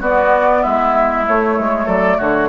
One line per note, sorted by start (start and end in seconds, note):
0.00 0.63 B3
0.00 1.25 B3
0.00 0.62 F#4
0.00 0.63 D5
0.62 1.28 G#3
0.62 1.86 E4
0.62 1.25 E5
1.25 2.49 A3
1.25 1.59 A3
1.25 1.89 C#5
1.59 1.87 G#3
1.86 2.18 F#3
1.86 2.17 A4
1.86 2.19 D5
2.17 2.49 D3
2.17 2.49 F#4
2.17 2.49 C#5